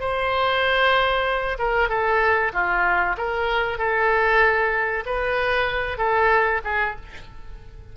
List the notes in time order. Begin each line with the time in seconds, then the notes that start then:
0.00 C5
1.59 A#4
1.89 A4
2.53 F4
3.18 A#4
3.78 A4
5.06 B4
5.98 A4
6.65 G#4